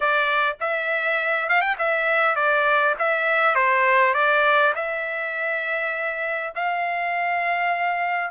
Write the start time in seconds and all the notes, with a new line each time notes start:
0.00 D5
0.60 E5
1.49 F5
1.61 G5
1.78 E5
2.35 D5
2.98 E5
3.55 C5
4.13 D5
4.75 E5
6.55 F5